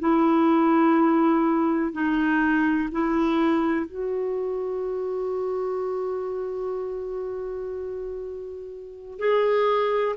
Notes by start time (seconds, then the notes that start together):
0.00 E4
1.93 D#4
2.92 E4
3.86 F#4
9.19 G#4